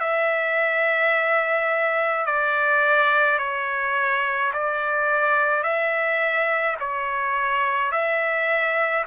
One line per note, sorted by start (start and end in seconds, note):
0.00 2.26 E5
2.26 3.39 D5
3.39 4.52 C#5
4.53 5.63 D5
5.63 6.77 E5
6.80 7.92 C#5
7.92 9.05 E5